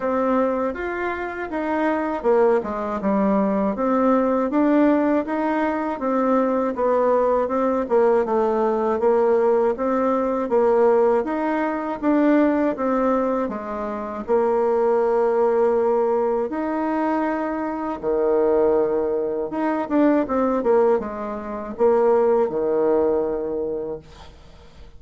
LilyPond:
\new Staff \with { instrumentName = "bassoon" } { \time 4/4 \tempo 4 = 80 c'4 f'4 dis'4 ais8 gis8 | g4 c'4 d'4 dis'4 | c'4 b4 c'8 ais8 a4 | ais4 c'4 ais4 dis'4 |
d'4 c'4 gis4 ais4~ | ais2 dis'2 | dis2 dis'8 d'8 c'8 ais8 | gis4 ais4 dis2 | }